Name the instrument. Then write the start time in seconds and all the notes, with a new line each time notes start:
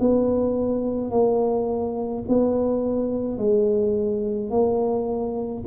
tuba
0.00 B3
1.11 A#3
2.28 B3
3.38 G#3
4.50 A#3